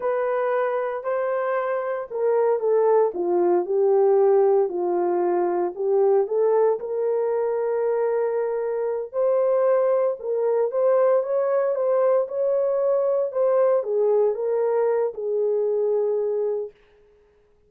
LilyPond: \new Staff \with { instrumentName = "horn" } { \time 4/4 \tempo 4 = 115 b'2 c''2 | ais'4 a'4 f'4 g'4~ | g'4 f'2 g'4 | a'4 ais'2.~ |
ais'4. c''2 ais'8~ | ais'8 c''4 cis''4 c''4 cis''8~ | cis''4. c''4 gis'4 ais'8~ | ais'4 gis'2. | }